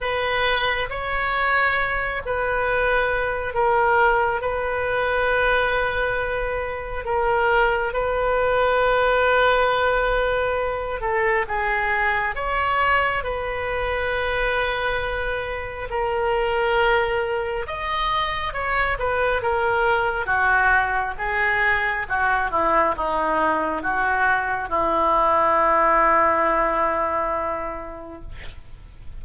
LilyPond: \new Staff \with { instrumentName = "oboe" } { \time 4/4 \tempo 4 = 68 b'4 cis''4. b'4. | ais'4 b'2. | ais'4 b'2.~ | b'8 a'8 gis'4 cis''4 b'4~ |
b'2 ais'2 | dis''4 cis''8 b'8 ais'4 fis'4 | gis'4 fis'8 e'8 dis'4 fis'4 | e'1 | }